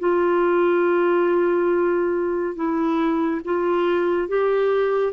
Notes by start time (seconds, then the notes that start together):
0.00 F4
2.56 E4
3.45 F4
4.29 G4